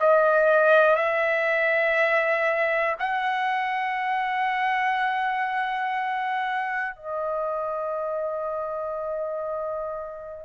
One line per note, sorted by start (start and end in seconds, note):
0.00 0.96 D#5
0.96 2.96 E5
2.99 6.96 F#5
6.96 10.45 D#5